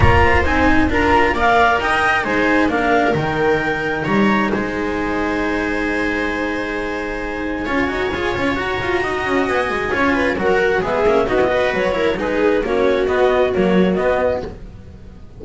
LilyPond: <<
  \new Staff \with { instrumentName = "clarinet" } { \time 4/4 \tempo 4 = 133 ais''4 gis''4 ais''4 f''4 | g''4 gis''4 f''4 g''4~ | g''4 ais''4 gis''2~ | gis''1~ |
gis''2. ais''4~ | ais''4 gis''2 fis''4 | e''4 dis''4 cis''4 b'4 | cis''4 dis''4 cis''4 dis''4 | }
  \new Staff \with { instrumentName = "viola" } { \time 4/4 cis''8 c''4. ais'4 d''4 | dis''4 c''4 ais'2~ | ais'4 cis''4 c''2~ | c''1~ |
c''4 cis''2. | dis''2 cis''8 b'8 ais'4 | gis'4 fis'8 b'4 ais'8 gis'4 | fis'1 | }
  \new Staff \with { instrumentName = "cello" } { \time 4/4 f'4 dis'4 f'4 ais'4~ | ais'4 dis'4 d'4 dis'4~ | dis'1~ | dis'1~ |
dis'4 f'8 fis'8 gis'8 f'8 fis'4~ | fis'2 f'4 fis'4 | b8 cis'8 dis'16 e'16 fis'4 e'8 dis'4 | cis'4 b4 fis4 b4 | }
  \new Staff \with { instrumentName = "double bass" } { \time 4/4 ais4 c'4 d'4 ais4 | dis'4 gis4 ais4 dis4~ | dis4 g4 gis2~ | gis1~ |
gis4 cis'8 dis'8 f'8 cis'8 fis'8 f'8 | dis'8 cis'8 b8 gis8 cis'4 fis4 | gis8 ais8 b4 fis4 gis4 | ais4 b4 ais4 b4 | }
>>